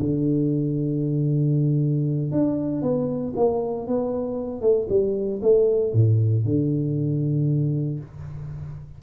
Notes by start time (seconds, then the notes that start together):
0.00 D3
2.32 D4
2.82 B3
3.36 A#3
3.87 B3
4.62 A3
4.89 G3
5.42 A3
5.94 A2
6.45 D3